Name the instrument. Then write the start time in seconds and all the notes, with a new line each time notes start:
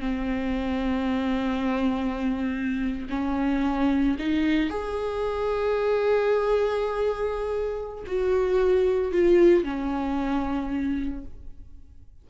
viola
0.00 C4
3.09 C#4
4.19 D#4
4.69 G#4
8.06 F#4
9.12 F4
9.64 C#4